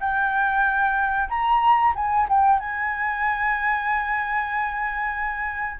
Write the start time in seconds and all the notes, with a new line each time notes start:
0.00 G5
1.29 A#5
1.95 G#5
2.29 G5
2.60 G#5